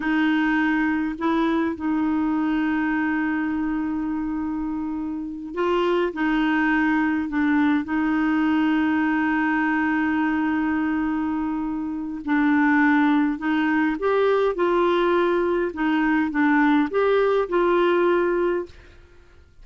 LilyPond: \new Staff \with { instrumentName = "clarinet" } { \time 4/4 \tempo 4 = 103 dis'2 e'4 dis'4~ | dis'1~ | dis'4. f'4 dis'4.~ | dis'8 d'4 dis'2~ dis'8~ |
dis'1~ | dis'4 d'2 dis'4 | g'4 f'2 dis'4 | d'4 g'4 f'2 | }